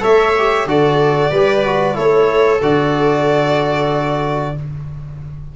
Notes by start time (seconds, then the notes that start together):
0.00 A3 A4 C#5 E5
0.38 G4
0.66 D3 F#4 A4 D5
1.31 G3 G4 B4
1.66 F#4
1.94 A3 E4 A4 C#5
2.62 D3 F#4 D5